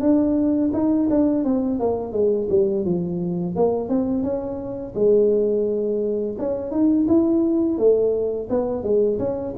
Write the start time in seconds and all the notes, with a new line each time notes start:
0.00 D4
0.73 D#4
1.09 D4
1.44 C4
1.79 A#3
2.12 G#3
2.49 G3
2.85 F3
3.55 A#3
3.89 C4
4.23 C#4
4.94 G#3
6.38 C#4
6.71 D#4
7.07 E4
7.78 A3
8.49 B3
8.83 G#3
9.19 C#4